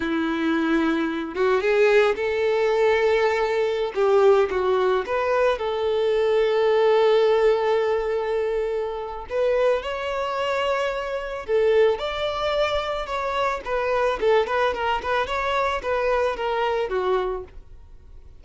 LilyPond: \new Staff \with { instrumentName = "violin" } { \time 4/4 \tempo 4 = 110 e'2~ e'8 fis'8 gis'4 | a'2.~ a'16 g'8.~ | g'16 fis'4 b'4 a'4.~ a'16~ | a'1~ |
a'4 b'4 cis''2~ | cis''4 a'4 d''2 | cis''4 b'4 a'8 b'8 ais'8 b'8 | cis''4 b'4 ais'4 fis'4 | }